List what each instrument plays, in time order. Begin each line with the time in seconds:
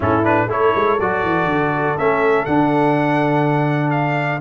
0.00 tuba A2, trombone C#4, horn E4, trumpet A4
0.23 trombone D4, trumpet B4
0.46 tuba A3, trombone E4, horn A4, trumpet C#5
0.75 tuba G#3
0.99 tuba F#3, trombone F#4, trumpet D5
1.23 tuba E3
1.45 tuba D3
1.97 tuba A3, trombone C#4, trumpet E5
2.45 tuba D3, trombone D4, trumpet F#5
3.90 trumpet F5